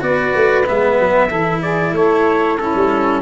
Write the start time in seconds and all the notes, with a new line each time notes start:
0.00 B3 F#4 B4 D5
0.35 A3
0.66 G#3 B3 E5
0.99 F#3
1.28 E3 E4 A4
1.60 G#4 D5
1.92 A3 A4 C#5
2.57 C#4 E4 A4
2.74 G3